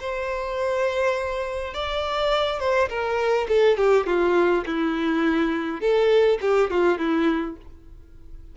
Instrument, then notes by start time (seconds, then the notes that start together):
violin
0.00 C5
1.74 D5
2.59 C5
2.89 A#4
3.48 A4
3.77 G4
4.06 F4
4.66 E4
5.81 A4
6.41 G4
6.70 F4
6.98 E4